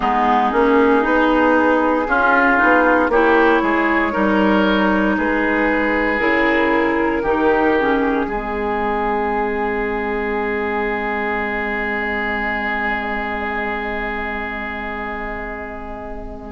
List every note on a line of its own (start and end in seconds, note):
0.00 0.52 G#3
0.00 0.51 B3
0.00 2.07 D#4
0.00 3.10 G#4
0.51 1.04 A#3
0.51 1.02 C#4
1.02 2.07 B3
1.02 2.06 D#4
2.06 2.57 C#4
2.06 2.59 C#4
2.06 3.11 F4
2.57 3.08 B3
2.57 3.09 D#4
3.08 3.60 A#3
3.08 4.11 E4
3.08 3.62 G4
3.08 5.17 C#5
3.62 4.14 G#3
3.62 4.12 G#4
4.11 5.17 G3
4.11 6.18 D#4
4.11 5.15 A#4
5.17 6.20 G#3
5.17 7.22 G#4
5.17 6.19 B4
6.19 7.22 C#3
6.19 7.22 E4
6.19 7.74 A#4
7.22 8.26 D#3
7.22 7.77 D#4
7.22 8.25 G4
7.79 8.30 C#4
7.79 11.39 G#4
8.26 16.52 G#3
8.26 16.52 C4
8.26 16.52 G#4
11.39 16.52 D#5